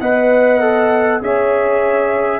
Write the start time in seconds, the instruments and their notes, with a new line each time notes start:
0.00 tuba B3, trombone B4, horn D#5, trumpet F#5
0.60 trombone A4
1.21 tuba C#4, trombone G#4, horn C#5, trumpet E5